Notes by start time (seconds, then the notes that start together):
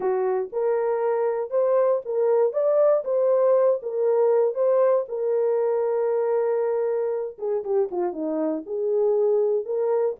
0.00 F#4
0.52 A#4
1.50 C5
2.05 A#4
2.52 D5
3.04 C5
3.82 A#4
4.54 C5
5.08 A#4
7.38 G#4
7.63 G4
7.91 F4
8.12 D#4
8.66 G#4
9.65 A#4